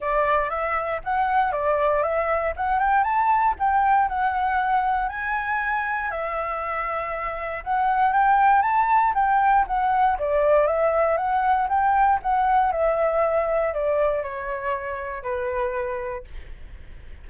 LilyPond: \new Staff \with { instrumentName = "flute" } { \time 4/4 \tempo 4 = 118 d''4 e''4 fis''4 d''4 | e''4 fis''8 g''8 a''4 g''4 | fis''2 gis''2 | e''2. fis''4 |
g''4 a''4 g''4 fis''4 | d''4 e''4 fis''4 g''4 | fis''4 e''2 d''4 | cis''2 b'2 | }